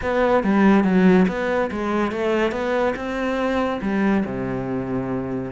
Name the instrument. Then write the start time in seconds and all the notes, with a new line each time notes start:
cello
0.01 B3
0.43 G3
0.84 F#3
1.28 B3
1.71 G#3
2.11 A3
2.51 B3
2.96 C4
3.81 G3
4.25 C3